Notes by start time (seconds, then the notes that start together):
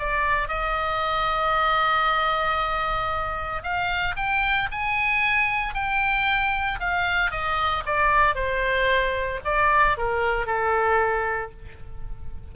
0.00 D5
0.49 D#5
3.63 F5
4.17 G5
4.72 G#5
5.74 G5
6.80 F5
7.31 D#5
7.86 D5
8.35 C5
9.45 D5
9.98 A#4
10.47 A4